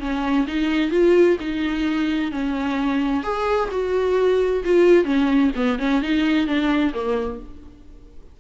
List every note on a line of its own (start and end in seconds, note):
0.00 0.46 C#4
0.47 0.91 D#4
0.91 1.37 F4
1.40 2.32 D#4
2.32 3.23 C#4
3.23 3.69 G#4
3.71 4.64 F#4
4.65 5.05 F4
5.05 5.51 C#4
5.56 5.79 B3
5.79 6.02 C#4
6.02 6.47 D#4
6.47 6.93 D4
6.94 7.40 A#3